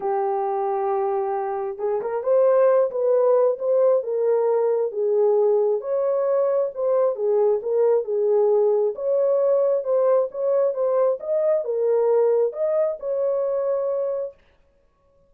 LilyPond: \new Staff \with { instrumentName = "horn" } { \time 4/4 \tempo 4 = 134 g'1 | gis'8 ais'8 c''4. b'4. | c''4 ais'2 gis'4~ | gis'4 cis''2 c''4 |
gis'4 ais'4 gis'2 | cis''2 c''4 cis''4 | c''4 dis''4 ais'2 | dis''4 cis''2. | }